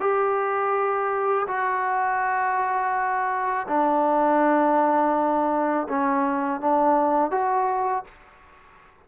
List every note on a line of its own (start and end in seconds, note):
0.00 1.46 G4
1.47 3.67 F#4
3.68 5.87 D4
5.88 6.60 C#4
6.60 7.31 D4
7.31 8.04 F#4